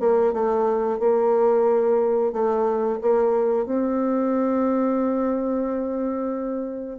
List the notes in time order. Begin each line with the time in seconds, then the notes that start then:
0.00 A#3
0.33 A3
1.00 A#3
2.33 A3
3.02 A#3
3.66 C4